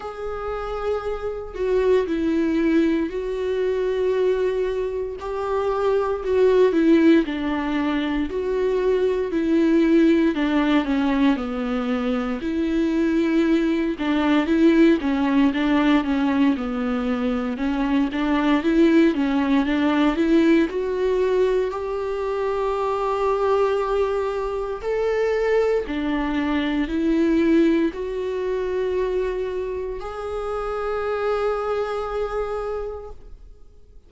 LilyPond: \new Staff \with { instrumentName = "viola" } { \time 4/4 \tempo 4 = 58 gis'4. fis'8 e'4 fis'4~ | fis'4 g'4 fis'8 e'8 d'4 | fis'4 e'4 d'8 cis'8 b4 | e'4. d'8 e'8 cis'8 d'8 cis'8 |
b4 cis'8 d'8 e'8 cis'8 d'8 e'8 | fis'4 g'2. | a'4 d'4 e'4 fis'4~ | fis'4 gis'2. | }